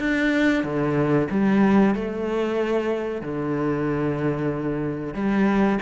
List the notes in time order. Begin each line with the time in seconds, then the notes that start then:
0.00 D4
0.64 D3
1.31 G3
1.95 A3
3.22 D3
5.15 G3